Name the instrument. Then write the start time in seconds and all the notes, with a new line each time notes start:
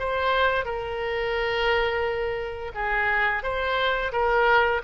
oboe
0.00 C5
0.66 A#4
2.75 G#4
3.44 C5
4.13 A#4